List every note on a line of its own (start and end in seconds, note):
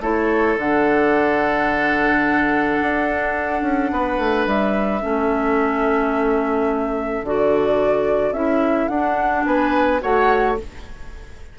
0.00 0.56 A3
0.00 0.58 E4
0.00 3.91 A4
0.00 0.58 C#5
0.57 2.79 D3
0.57 5.02 D4
0.57 4.48 F#5
2.81 3.62 D4
3.62 3.90 C#4
3.92 4.18 B3
3.92 5.02 B4
4.18 4.46 A3
4.46 5.02 G3
4.46 7.26 E5
5.02 7.23 A3
5.02 7.24 C#4
5.02 9.46 A4
7.23 8.31 D3
7.23 8.34 F#4
7.23 8.33 D5
8.31 8.87 C#4
8.31 8.90 E4
8.31 8.88 E5
8.88 9.45 D4
8.88 10.01 D4
8.88 9.44 F#5
9.45 10.01 B3
9.45 10.01 B4
9.45 10.01 G#5
10.01 10.58 A3
10.01 10.56 F#4
10.01 10.58 C#5
10.01 10.58 F#5